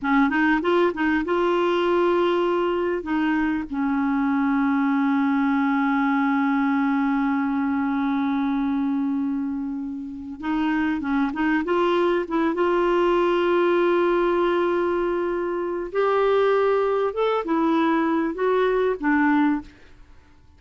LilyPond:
\new Staff \with { instrumentName = "clarinet" } { \time 4/4 \tempo 4 = 98 cis'8 dis'8 f'8 dis'8 f'2~ | f'4 dis'4 cis'2~ | cis'1~ | cis'1~ |
cis'4 dis'4 cis'8 dis'8 f'4 | e'8 f'2.~ f'8~ | f'2 g'2 | a'8 e'4. fis'4 d'4 | }